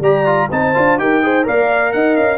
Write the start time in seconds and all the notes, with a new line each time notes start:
0.00 G3 G4 D5 A#5
0.25 F4
0.51 C4 D#4 C5 A5
0.74 D4 F4
0.98 D#4 G4 A#4 G5
1.22 G#4 C5
1.44 A#3 A#4 D5 F5
1.92 D#4 D#5 F#5
2.16 C#4 F5